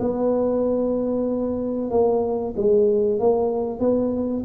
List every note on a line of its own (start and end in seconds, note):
0.00 1.91 B3
1.91 2.55 A#3
2.57 3.20 G#3
3.20 3.80 A#3
3.80 4.44 B3